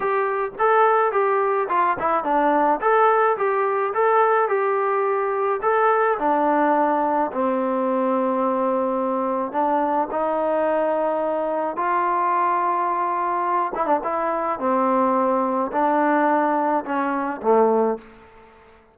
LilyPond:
\new Staff \with { instrumentName = "trombone" } { \time 4/4 \tempo 4 = 107 g'4 a'4 g'4 f'8 e'8 | d'4 a'4 g'4 a'4 | g'2 a'4 d'4~ | d'4 c'2.~ |
c'4 d'4 dis'2~ | dis'4 f'2.~ | f'8 e'16 d'16 e'4 c'2 | d'2 cis'4 a4 | }